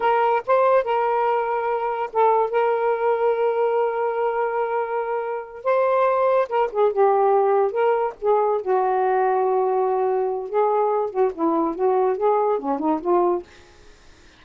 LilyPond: \new Staff \with { instrumentName = "saxophone" } { \time 4/4 \tempo 4 = 143 ais'4 c''4 ais'2~ | ais'4 a'4 ais'2~ | ais'1~ | ais'4. c''2 ais'8 |
gis'8 g'2 ais'4 gis'8~ | gis'8 fis'2.~ fis'8~ | fis'4 gis'4. fis'8 e'4 | fis'4 gis'4 cis'8 dis'8 f'4 | }